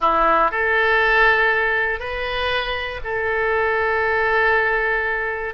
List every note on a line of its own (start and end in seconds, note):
0.00 0.51 E4
0.51 1.99 A4
1.99 3.00 B4
3.04 5.54 A4